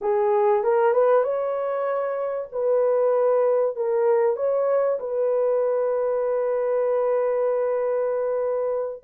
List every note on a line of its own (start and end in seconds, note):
0.01 0.63 G#4
0.63 0.93 A#4
0.93 1.23 B4
1.23 2.48 C#5
2.52 3.76 B4
3.76 4.36 A#4
4.36 4.99 C#5
4.99 9.03 B4